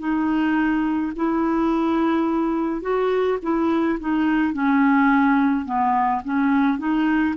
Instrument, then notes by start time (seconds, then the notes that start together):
clarinet
0.00 D#4
1.16 E4
2.82 F#4
3.43 E4
4.00 D#4
4.54 C#4
5.66 B3
6.25 C#4
6.79 D#4